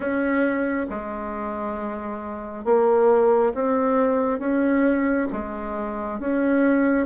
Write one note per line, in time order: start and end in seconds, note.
0.00 0.86 C#4
0.89 2.64 G#3
2.64 3.53 A#3
3.54 4.39 C4
4.39 5.27 C#4
5.32 6.19 G#3
6.19 7.06 C#4